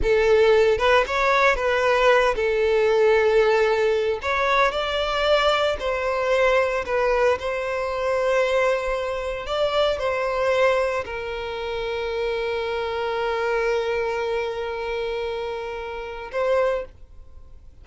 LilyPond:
\new Staff \with { instrumentName = "violin" } { \time 4/4 \tempo 4 = 114 a'4. b'8 cis''4 b'4~ | b'8 a'2.~ a'8 | cis''4 d''2 c''4~ | c''4 b'4 c''2~ |
c''2 d''4 c''4~ | c''4 ais'2.~ | ais'1~ | ais'2. c''4 | }